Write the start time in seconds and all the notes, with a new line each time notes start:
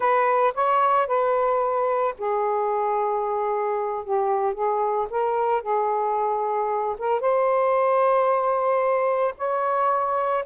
0.00 B4
0.54 C#5
1.07 B4
2.17 G#4
4.04 G4
4.54 G#4
5.09 A#4
5.62 G#4
6.98 A#4
7.20 C5
9.37 C#5